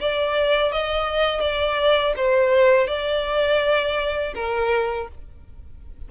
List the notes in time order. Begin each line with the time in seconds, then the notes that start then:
0.00 D5
0.72 D#5
1.40 D5
2.16 C5
2.87 D5
4.35 A#4